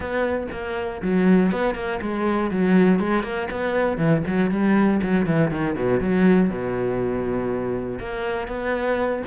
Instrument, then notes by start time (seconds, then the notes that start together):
cello
0.00 B3
0.51 A#3
1.01 F#3
1.51 B3
1.75 A#3
2.01 G#3
2.50 F#3
2.99 G#3
3.22 A#3
3.50 B3
3.97 E3
4.26 F#3
4.50 G3
5.02 F#3
5.26 E3
5.50 D#3
5.75 B2
6.00 F#3
6.49 B2
7.99 A#3
8.47 B3